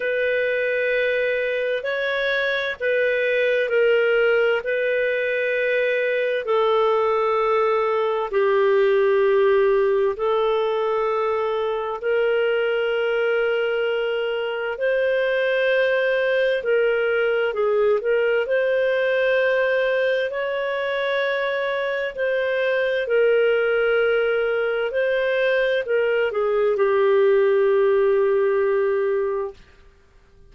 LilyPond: \new Staff \with { instrumentName = "clarinet" } { \time 4/4 \tempo 4 = 65 b'2 cis''4 b'4 | ais'4 b'2 a'4~ | a'4 g'2 a'4~ | a'4 ais'2. |
c''2 ais'4 gis'8 ais'8 | c''2 cis''2 | c''4 ais'2 c''4 | ais'8 gis'8 g'2. | }